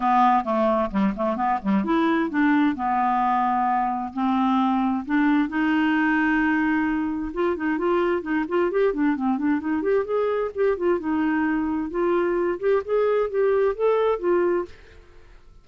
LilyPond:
\new Staff \with { instrumentName = "clarinet" } { \time 4/4 \tempo 4 = 131 b4 a4 g8 a8 b8 g8 | e'4 d'4 b2~ | b4 c'2 d'4 | dis'1 |
f'8 dis'8 f'4 dis'8 f'8 g'8 d'8 | c'8 d'8 dis'8 g'8 gis'4 g'8 f'8 | dis'2 f'4. g'8 | gis'4 g'4 a'4 f'4 | }